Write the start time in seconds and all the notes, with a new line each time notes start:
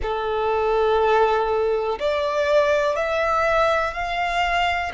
0.02 A4
1.99 D5
2.96 E5
3.93 F5